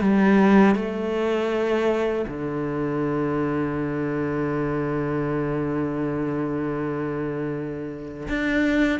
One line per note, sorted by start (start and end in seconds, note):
0.00 0.75 G3
0.75 2.25 A3
2.27 8.27 D3
8.28 8.99 D4